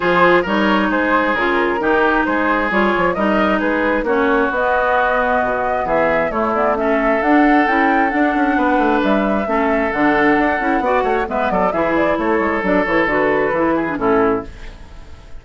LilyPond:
<<
  \new Staff \with { instrumentName = "flute" } { \time 4/4 \tempo 4 = 133 c''4 cis''4 c''4 ais'4~ | ais'4 c''4 cis''4 dis''4 | b'4 cis''4 dis''2~ | dis''4 e''4 cis''8 d''8 e''4 |
fis''4 g''4 fis''2 | e''2 fis''2~ | fis''4 e''8 d''8 e''8 d''8 cis''4 | d''8 cis''8 b'2 a'4 | }
  \new Staff \with { instrumentName = "oboe" } { \time 4/4 gis'4 ais'4 gis'2 | g'4 gis'2 ais'4 | gis'4 fis'2.~ | fis'4 gis'4 e'4 a'4~ |
a'2. b'4~ | b'4 a'2. | d''8 cis''8 b'8 a'8 gis'4 a'4~ | a'2~ a'8 gis'8 e'4 | }
  \new Staff \with { instrumentName = "clarinet" } { \time 4/4 f'4 dis'2 f'4 | dis'2 f'4 dis'4~ | dis'4 cis'4 b2~ | b2 a8 b8 cis'4 |
d'4 e'4 d'2~ | d'4 cis'4 d'4. e'8 | fis'4 b4 e'2 | d'8 e'8 fis'4 e'8. d'16 cis'4 | }
  \new Staff \with { instrumentName = "bassoon" } { \time 4/4 f4 g4 gis4 cis4 | dis4 gis4 g8 f8 g4 | gis4 ais4 b2 | b,4 e4 a2 |
d'4 cis'4 d'8 cis'8 b8 a8 | g4 a4 d4 d'8 cis'8 | b8 a8 gis8 fis8 e4 a8 gis8 | fis8 e8 d4 e4 a,4 | }
>>